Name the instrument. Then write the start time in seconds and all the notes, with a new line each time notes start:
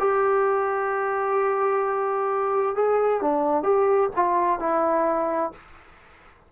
trombone
0.00 G4
2.76 G#4
3.22 D4
3.64 G4
4.16 F4
4.60 E4